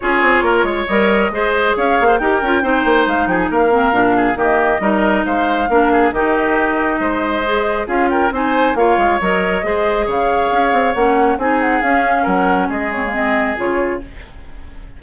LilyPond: <<
  \new Staff \with { instrumentName = "flute" } { \time 4/4 \tempo 4 = 137 cis''2 dis''2 | f''4 g''2 f''8 g''16 gis''16 | f''2 dis''2 | f''2 dis''2~ |
dis''2 f''8 g''8 gis''4 | f''4 dis''2 f''4~ | f''4 fis''4 gis''8 fis''8 f''4 | fis''4 dis''8 cis''8 dis''4 cis''4 | }
  \new Staff \with { instrumentName = "oboe" } { \time 4/4 gis'4 ais'8 cis''4. c''4 | cis''8. c''16 ais'4 c''4. gis'8 | ais'4. gis'8 g'4 ais'4 | c''4 ais'8 gis'8 g'2 |
c''2 gis'8 ais'8 c''4 | cis''2 c''4 cis''4~ | cis''2 gis'2 | ais'4 gis'2. | }
  \new Staff \with { instrumentName = "clarinet" } { \time 4/4 f'2 ais'4 gis'4~ | gis'4 g'8 f'8 dis'2~ | dis'8 c'8 d'4 ais4 dis'4~ | dis'4 d'4 dis'2~ |
dis'4 gis'4 f'4 dis'4 | f'4 ais'4 gis'2~ | gis'4 cis'4 dis'4 cis'4~ | cis'4. c'16 ais16 c'4 f'4 | }
  \new Staff \with { instrumentName = "bassoon" } { \time 4/4 cis'8 c'8 ais8 gis8 g4 gis4 | cis'8 ais8 dis'8 cis'8 c'8 ais8 gis8 f8 | ais4 ais,4 dis4 g4 | gis4 ais4 dis2 |
gis2 cis'4 c'4 | ais8 gis8 fis4 gis4 cis4 | cis'8 c'8 ais4 c'4 cis'4 | fis4 gis2 cis4 | }
>>